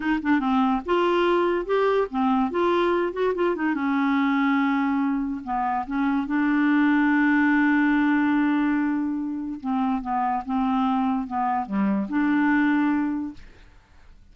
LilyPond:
\new Staff \with { instrumentName = "clarinet" } { \time 4/4 \tempo 4 = 144 dis'8 d'8 c'4 f'2 | g'4 c'4 f'4. fis'8 | f'8 dis'8 cis'2.~ | cis'4 b4 cis'4 d'4~ |
d'1~ | d'2. c'4 | b4 c'2 b4 | g4 d'2. | }